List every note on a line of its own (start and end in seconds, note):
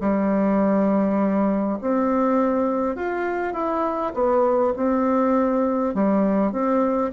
0.00 1.78 G3
1.81 2.95 C4
2.95 3.53 F4
3.53 4.12 E4
4.14 4.73 B3
4.76 5.94 C4
5.94 6.52 G3
6.52 7.11 C4